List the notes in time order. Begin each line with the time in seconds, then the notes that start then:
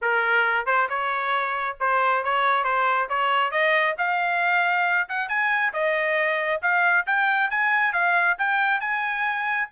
0.01 A#4
0.66 C5
0.89 C#5
1.80 C5
2.23 C#5
2.64 C5
3.09 C#5
3.51 D#5
3.98 F5
5.09 F#5
5.28 G#5
5.73 D#5
6.62 F5
7.06 G5
7.50 G#5
7.93 F5
8.38 G5
8.80 G#5